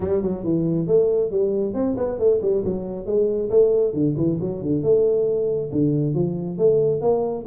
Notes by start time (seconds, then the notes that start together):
0.00 G3
0.22 F#3
0.43 E3
0.87 A3
1.31 G3
1.74 C4
1.97 B3
2.18 A3
2.42 G3
2.64 F#3
3.06 G#3
3.49 A3
3.93 D3
4.17 E3
4.40 F#3
4.62 D3
4.83 A3
5.72 D3
6.14 F3
6.58 A3
7.01 A#3